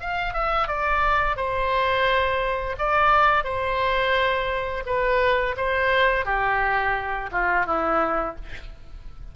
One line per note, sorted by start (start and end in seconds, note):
0.00 0.34 F5
0.34 0.68 E5
0.68 1.36 D5
1.36 2.76 C5
2.79 3.44 D5
3.44 4.84 C5
4.86 5.56 B4
5.57 6.25 C5
6.25 7.30 G4
7.32 7.66 F4
7.66 8.36 E4